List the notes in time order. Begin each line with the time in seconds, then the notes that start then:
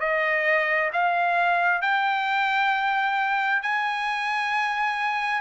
0.00 D#5
0.93 F5
1.82 G5
3.63 G#5